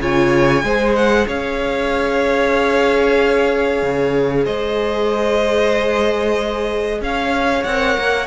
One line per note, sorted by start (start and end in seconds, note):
0.00 0.63 C#3
0.00 0.64 F4
0.00 0.64 C#5
0.00 0.95 G#5
0.63 1.27 G#3
0.63 7.67 G#4
0.63 1.28 C5
0.95 1.27 F#5
1.28 3.83 C#4
1.28 4.45 C#5
1.28 4.46 F5
3.83 4.47 C#3
4.45 7.01 G#3
4.45 7.00 C5
4.45 7.01 D#5
7.01 7.65 C#4
7.01 8.27 C#5
7.01 7.64 F5
7.64 7.97 C4
7.64 8.27 A#4
7.64 8.27 F#5
7.98 8.27 A#3